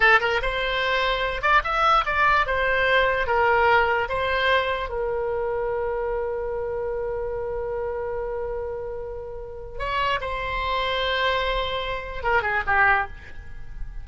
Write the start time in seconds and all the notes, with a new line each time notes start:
0.00 A4
0.20 A#4
0.41 C5
1.42 D5
1.64 E5
2.05 D5
2.46 C5
3.26 A#4
4.09 C5
4.89 A#4
9.78 C#5
10.20 C5
12.23 A#4
12.42 G#4
12.66 G4